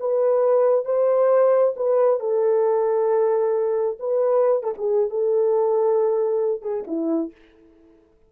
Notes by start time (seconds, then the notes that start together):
0.00 B4
0.85 C5
1.76 B4
2.20 A4
4.00 B4
4.63 A4
4.78 G#4
5.10 A4
6.62 G#4
6.87 E4